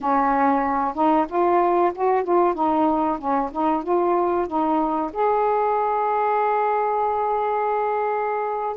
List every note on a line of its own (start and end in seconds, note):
0.00 0.94 C#4
0.94 1.26 D#4
1.28 1.92 F4
1.94 2.23 F#4
2.23 2.54 F4
2.54 3.18 D#4
3.18 3.50 C#4
3.51 3.83 D#4
3.83 4.47 F4
4.47 5.11 D#4
5.12 8.76 G#4